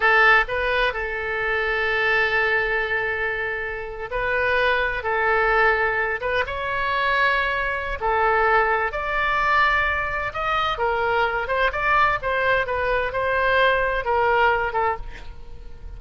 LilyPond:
\new Staff \with { instrumentName = "oboe" } { \time 4/4 \tempo 4 = 128 a'4 b'4 a'2~ | a'1~ | a'8. b'2 a'4~ a'16~ | a'4~ a'16 b'8 cis''2~ cis''16~ |
cis''4 a'2 d''4~ | d''2 dis''4 ais'4~ | ais'8 c''8 d''4 c''4 b'4 | c''2 ais'4. a'8 | }